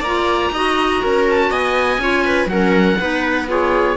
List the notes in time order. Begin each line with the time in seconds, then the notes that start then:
0.00 A#3 F4 D5 A#5
0.51 D#4 F#4 D#5
1.03 C#4 A#4
1.30 A5
1.50 B3 D#5 G#5
1.98 C#4 F4 C#5
2.25 B4
2.46 F#3 C#4 A#4 F#5
3.00 B3 D#4 B4
3.47 F4 G#4 C#5